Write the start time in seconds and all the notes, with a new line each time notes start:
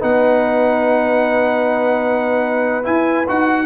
0.00 B3 D#4 B4 F#5
2.83 E4 G#5
3.27 D#4 F#4 F#5